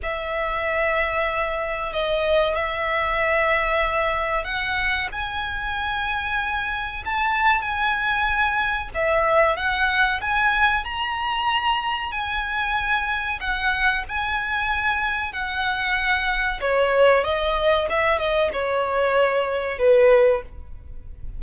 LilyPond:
\new Staff \with { instrumentName = "violin" } { \time 4/4 \tempo 4 = 94 e''2. dis''4 | e''2. fis''4 | gis''2. a''4 | gis''2 e''4 fis''4 |
gis''4 ais''2 gis''4~ | gis''4 fis''4 gis''2 | fis''2 cis''4 dis''4 | e''8 dis''8 cis''2 b'4 | }